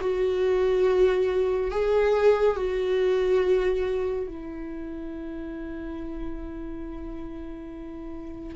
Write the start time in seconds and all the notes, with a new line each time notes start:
0.00 F#4
1.71 G#4
2.56 F#4
4.27 E4